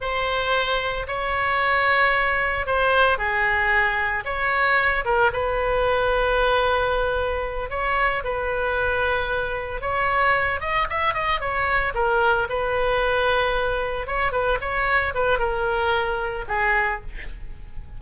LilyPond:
\new Staff \with { instrumentName = "oboe" } { \time 4/4 \tempo 4 = 113 c''2 cis''2~ | cis''4 c''4 gis'2 | cis''4. ais'8 b'2~ | b'2~ b'8 cis''4 b'8~ |
b'2~ b'8 cis''4. | dis''8 e''8 dis''8 cis''4 ais'4 b'8~ | b'2~ b'8 cis''8 b'8 cis''8~ | cis''8 b'8 ais'2 gis'4 | }